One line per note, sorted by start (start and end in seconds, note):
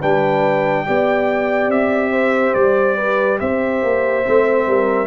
0.00 0.88 G3
0.00 0.86 D4
0.00 0.85 B4
0.00 1.71 G5
0.87 1.68 B3
0.87 4.25 G4
0.87 2.12 D5
1.68 2.53 C4
1.68 2.54 E5
2.12 2.97 C5
2.54 3.40 G3
2.54 3.39 D5
2.97 3.39 B4
3.39 3.83 C4
3.39 4.66 C5
3.39 5.08 E5
3.83 4.25 A#3
4.25 4.67 A3
4.25 5.08 C4
4.67 5.08 G3
4.67 5.08 A#4